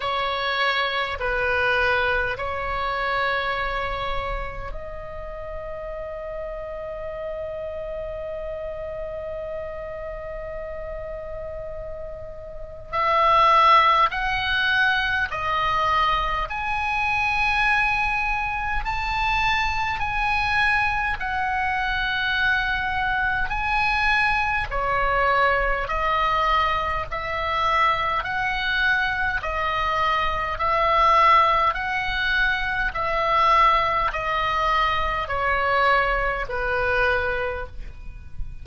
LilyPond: \new Staff \with { instrumentName = "oboe" } { \time 4/4 \tempo 4 = 51 cis''4 b'4 cis''2 | dis''1~ | dis''2. e''4 | fis''4 dis''4 gis''2 |
a''4 gis''4 fis''2 | gis''4 cis''4 dis''4 e''4 | fis''4 dis''4 e''4 fis''4 | e''4 dis''4 cis''4 b'4 | }